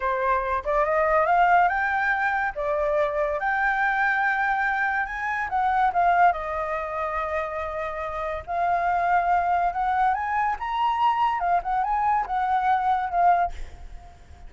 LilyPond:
\new Staff \with { instrumentName = "flute" } { \time 4/4 \tempo 4 = 142 c''4. d''8 dis''4 f''4 | g''2 d''2 | g''1 | gis''4 fis''4 f''4 dis''4~ |
dis''1 | f''2. fis''4 | gis''4 ais''2 f''8 fis''8 | gis''4 fis''2 f''4 | }